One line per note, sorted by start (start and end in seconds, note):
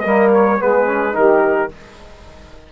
0.00 0.61 G3
0.00 0.58 A#3
0.00 0.58 A#4
0.00 0.28 D#5
0.33 0.61 C#5
0.58 1.16 G#3
0.58 0.85 B3
0.58 1.15 G#4
0.58 1.15 B4
0.85 1.12 C#4
1.12 1.72 D#3
1.12 1.68 D#4
1.12 1.71 G4
1.12 1.71 A#4